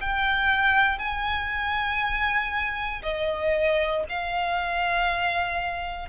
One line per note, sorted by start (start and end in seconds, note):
0.00 0.98 G5
0.98 3.02 G#5
3.02 4.04 D#5
4.09 6.08 F5